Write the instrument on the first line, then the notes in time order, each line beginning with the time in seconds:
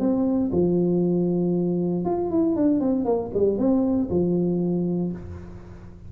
tuba
0.00 C4
0.52 F3
2.05 F4
2.31 E4
2.56 D4
2.80 C4
3.05 A#3
3.34 G3
3.58 C4
4.10 F3